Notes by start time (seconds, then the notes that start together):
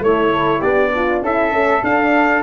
0.00 A3 E4 C#5
0.33 A4
0.60 B3 D4 G4 D5
0.95 F4
1.22 C#4 E4 A4 E5
1.51 A3 C#4
1.83 D4 F5